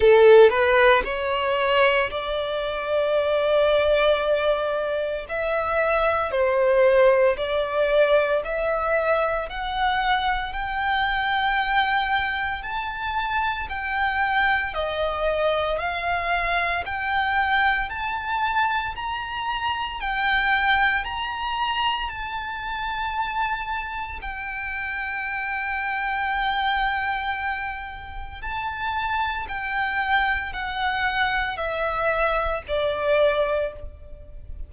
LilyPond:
\new Staff \with { instrumentName = "violin" } { \time 4/4 \tempo 4 = 57 a'8 b'8 cis''4 d''2~ | d''4 e''4 c''4 d''4 | e''4 fis''4 g''2 | a''4 g''4 dis''4 f''4 |
g''4 a''4 ais''4 g''4 | ais''4 a''2 g''4~ | g''2. a''4 | g''4 fis''4 e''4 d''4 | }